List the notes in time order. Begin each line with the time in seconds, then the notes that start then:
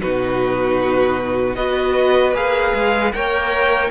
0.00 B2 D#4 F#4 B4
1.55 B3 F#4 B4 D#5
2.34 A#3 G#4 F5
2.74 G#3
3.12 A#3 A#4 C#5 G5